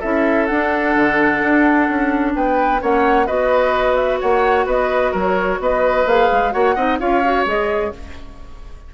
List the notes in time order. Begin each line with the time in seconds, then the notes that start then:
0.00 C#4 E4 A4 E5
0.47 D4 F#5
0.96 D3
1.43 D4
1.90 C#4
2.36 B3 B4 G5
2.81 A#3 C#4 C#5 F#5
3.27 B3 F#4 B4 D#5
3.96 E5
4.21 A#3 C#5 F#5
4.67 B3 B4 D#5
5.12 F#3 A#4 C#5
5.60 B3 B4 D#5
6.06 A#3 G#4 F5
6.32 G#3
6.52 A#3 F#4 C#5 F#5
6.76 C4 D#4 D#5
7.00 C#4 F4 C#5 F5
7.25 F#4
7.46 G#3 G#4 D#5